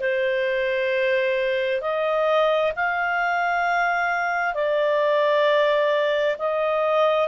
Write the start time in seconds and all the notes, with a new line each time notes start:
0.00 C5
1.82 D#5
2.76 F5
4.55 D5
6.39 D#5